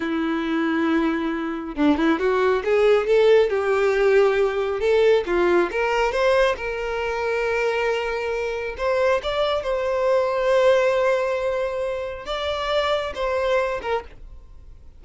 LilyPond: \new Staff \with { instrumentName = "violin" } { \time 4/4 \tempo 4 = 137 e'1 | d'8 e'8 fis'4 gis'4 a'4 | g'2. a'4 | f'4 ais'4 c''4 ais'4~ |
ais'1 | c''4 d''4 c''2~ | c''1 | d''2 c''4. ais'8 | }